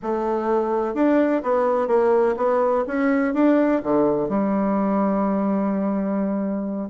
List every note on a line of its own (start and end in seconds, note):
0.02 0.94 A3
0.94 1.42 D4
1.42 1.87 B3
1.87 2.35 A#3
2.36 2.84 B3
2.87 3.34 C#4
3.34 3.81 D4
3.83 4.28 D3
4.28 6.89 G3